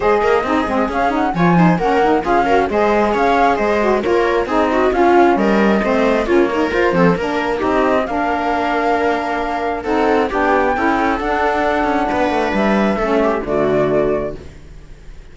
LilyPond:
<<
  \new Staff \with { instrumentName = "flute" } { \time 4/4 \tempo 4 = 134 dis''2 f''8 fis''8 gis''4 | fis''4 f''4 dis''4 f''4 | dis''4 cis''4 dis''4 f''4 | dis''2 cis''4 c''4 |
ais'4 dis''4 f''2~ | f''2 fis''4 g''4~ | g''4 fis''2. | e''2 d''2 | }
  \new Staff \with { instrumentName = "viola" } { \time 4/4 c''8 ais'8 gis'2 cis''8 c''8 | ais'4 gis'8 ais'8 c''4 cis''4 | c''4 ais'4 gis'8 fis'8 f'4 | ais'4 c''4 f'8 ais'4 a'8 |
ais'4 g'4 ais'2~ | ais'2 a'4 g'4 | a'2. b'4~ | b'4 a'8 g'8 fis'2 | }
  \new Staff \with { instrumentName = "saxophone" } { \time 4/4 gis'4 dis'8 c'8 cis'8 dis'8 f'8 dis'8 | cis'8 dis'8 f'8 fis'8 gis'2~ | gis'8 fis'8 f'4 dis'4 cis'4~ | cis'4 c'4 cis'8 dis'8 f'8 c'8 |
d'4 dis'4 d'2~ | d'2 dis'4 d'4 | e'4 d'2.~ | d'4 cis'4 a2 | }
  \new Staff \with { instrumentName = "cello" } { \time 4/4 gis8 ais8 c'8 gis8 cis'4 f4 | ais4 cis'4 gis4 cis'4 | gis4 ais4 c'4 cis'4 | g4 a4 ais4 f'8 f8 |
ais4 c'4 ais2~ | ais2 c'4 b4 | cis'4 d'4. cis'8 b8 a8 | g4 a4 d2 | }
>>